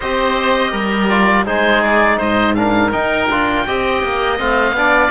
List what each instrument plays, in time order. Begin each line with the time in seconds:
0.00 cello C4, trombone G4, oboe C5 D#5
0.71 cello G3, oboe A#4
1.08 trombone F4, oboe D5
1.44 cello G#3, trombone D#4, oboe G#4 C5
1.82 oboe D5
2.17 cello G#2, oboe C5 D#5
2.55 trombone D4, oboe A#4 F5
2.91 trombone D#4, cello D#4, oboe G5
3.29 cello D4, trombone F4
3.66 cello C4, trombone G4, oboe D#5
4.03 cello A#3
4.38 cello A3, trombone C4, oboe F5
4.72 cello B3, trombone D4, oboe D5